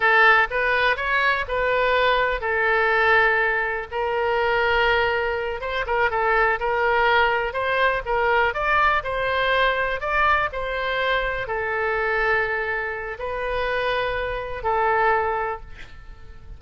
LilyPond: \new Staff \with { instrumentName = "oboe" } { \time 4/4 \tempo 4 = 123 a'4 b'4 cis''4 b'4~ | b'4 a'2. | ais'2.~ ais'8 c''8 | ais'8 a'4 ais'2 c''8~ |
c''8 ais'4 d''4 c''4.~ | c''8 d''4 c''2 a'8~ | a'2. b'4~ | b'2 a'2 | }